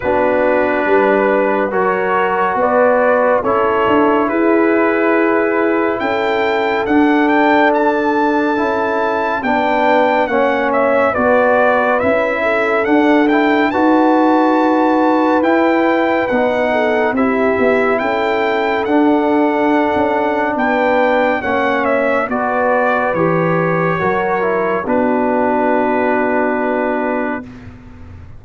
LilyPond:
<<
  \new Staff \with { instrumentName = "trumpet" } { \time 4/4 \tempo 4 = 70 b'2 cis''4 d''4 | cis''4 b'2 g''4 | fis''8 g''8 a''2 g''4 | fis''8 e''8 d''4 e''4 fis''8 g''8 |
a''2 g''4 fis''4 | e''4 g''4 fis''2 | g''4 fis''8 e''8 d''4 cis''4~ | cis''4 b'2. | }
  \new Staff \with { instrumentName = "horn" } { \time 4/4 fis'4 b'4 ais'4 b'4 | a'4 gis'2 a'4~ | a'2. b'4 | cis''4 b'4. a'4. |
b'2.~ b'8 a'8 | g'4 a'2. | b'4 cis''4 b'2 | ais'4 fis'2. | }
  \new Staff \with { instrumentName = "trombone" } { \time 4/4 d'2 fis'2 | e'1 | d'2 e'4 d'4 | cis'4 fis'4 e'4 d'8 e'8 |
fis'2 e'4 dis'4 | e'2 d'2~ | d'4 cis'4 fis'4 g'4 | fis'8 e'8 d'2. | }
  \new Staff \with { instrumentName = "tuba" } { \time 4/4 b4 g4 fis4 b4 | cis'8 d'8 e'2 cis'4 | d'2 cis'4 b4 | ais4 b4 cis'4 d'4 |
dis'2 e'4 b4 | c'8 b8 cis'4 d'4~ d'16 cis'8. | b4 ais4 b4 e4 | fis4 b2. | }
>>